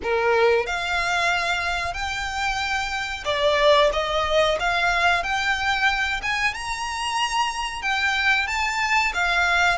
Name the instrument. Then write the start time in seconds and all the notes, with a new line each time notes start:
violin
0.02 A#4
0.66 F5
1.93 G5
3.25 D5
3.92 D#5
4.59 F5
5.23 G5
6.22 G#5
6.54 A#5
7.81 G5
8.47 A5
9.14 F5